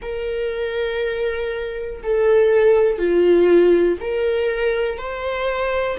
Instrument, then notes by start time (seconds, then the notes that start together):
viola
0.01 A#4
2.03 A4
2.98 F4
4.00 A#4
4.98 C5